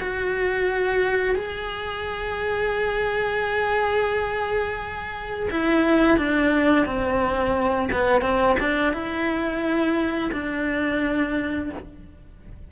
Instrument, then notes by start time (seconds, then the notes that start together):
cello
0.00 F#4
1.35 G#4
5.50 E4
6.17 D4
6.85 C4
7.92 B3
8.21 C4
8.60 D4
8.92 E4
10.32 D4